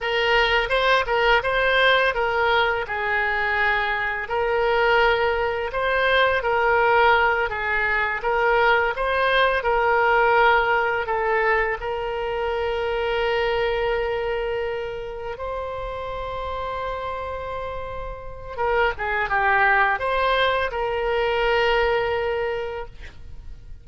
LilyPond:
\new Staff \with { instrumentName = "oboe" } { \time 4/4 \tempo 4 = 84 ais'4 c''8 ais'8 c''4 ais'4 | gis'2 ais'2 | c''4 ais'4. gis'4 ais'8~ | ais'8 c''4 ais'2 a'8~ |
a'8 ais'2.~ ais'8~ | ais'4. c''2~ c''8~ | c''2 ais'8 gis'8 g'4 | c''4 ais'2. | }